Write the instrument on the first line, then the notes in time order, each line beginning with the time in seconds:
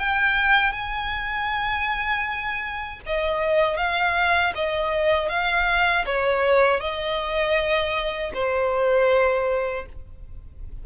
violin
0.00 G5
0.73 G#5
3.07 D#5
3.77 F5
4.55 D#5
5.30 F5
6.06 C#5
6.81 D#5
8.34 C5